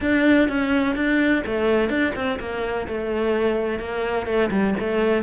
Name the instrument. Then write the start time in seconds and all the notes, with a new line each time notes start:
cello
0.01 D4
0.48 C#4
0.95 D4
1.45 A3
1.89 D4
2.15 C4
2.39 A#3
2.87 A3
3.79 A#3
4.26 A3
4.50 G3
4.79 A3